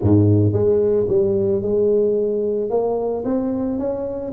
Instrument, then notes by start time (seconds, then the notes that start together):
tuba
0.01 G#2
0.52 G#3
1.08 G3
1.61 G#3
2.70 A#3
3.24 C4
3.78 C#4